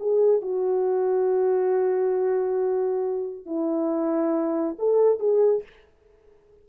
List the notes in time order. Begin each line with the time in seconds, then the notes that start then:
0.00 G#4
0.42 F#4
3.46 E4
4.79 A4
5.20 G#4